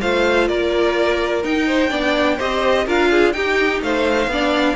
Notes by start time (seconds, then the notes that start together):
0.00 A3 F4 C5 F5
0.47 A#3 A#4 D5
1.42 D#4 G5
1.66 C5
1.89 B3 D4 D5
2.37 C4 G4 C5 D#5
2.86 D4 F4 A#4 F5
3.10 G#4
3.32 D#4 G4 G5
3.81 A3 C5 F5
4.27 B3 D4 D5